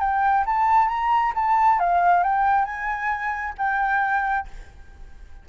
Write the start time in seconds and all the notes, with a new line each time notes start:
0.00 G5
0.46 A5
0.88 A#5
1.35 A5
1.79 F5
2.23 G5
2.65 G#5
3.58 G5